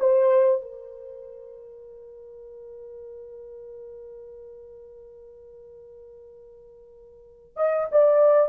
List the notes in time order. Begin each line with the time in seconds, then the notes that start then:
0.00 C5
0.62 A#4
7.57 D#5
7.92 D5